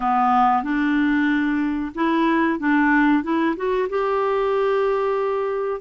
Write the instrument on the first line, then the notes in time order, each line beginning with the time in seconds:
clarinet
0.00 B3
0.63 D4
1.94 E4
2.59 D4
3.23 E4
3.56 F#4
3.89 G4